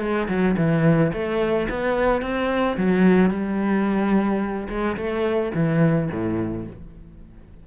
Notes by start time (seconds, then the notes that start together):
0.00 G#3
0.28 F#3
0.57 E3
1.13 A3
1.69 B3
2.22 C4
2.77 F#3
3.30 G3
4.69 G#3
4.97 A3
5.54 E3
6.12 A2